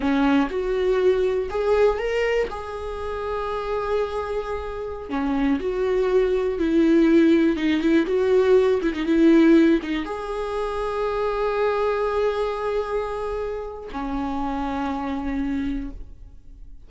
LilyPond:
\new Staff \with { instrumentName = "viola" } { \time 4/4 \tempo 4 = 121 cis'4 fis'2 gis'4 | ais'4 gis'2.~ | gis'2~ gis'16 cis'4 fis'8.~ | fis'4~ fis'16 e'2 dis'8 e'16~ |
e'16 fis'4. e'16 dis'16 e'4. dis'16~ | dis'16 gis'2.~ gis'8.~ | gis'1 | cis'1 | }